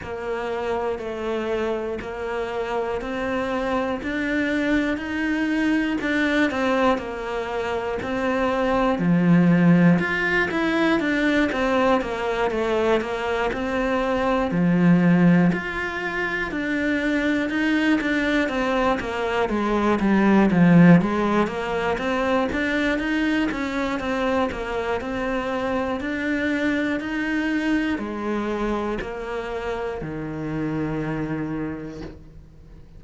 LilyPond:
\new Staff \with { instrumentName = "cello" } { \time 4/4 \tempo 4 = 60 ais4 a4 ais4 c'4 | d'4 dis'4 d'8 c'8 ais4 | c'4 f4 f'8 e'8 d'8 c'8 | ais8 a8 ais8 c'4 f4 f'8~ |
f'8 d'4 dis'8 d'8 c'8 ais8 gis8 | g8 f8 gis8 ais8 c'8 d'8 dis'8 cis'8 | c'8 ais8 c'4 d'4 dis'4 | gis4 ais4 dis2 | }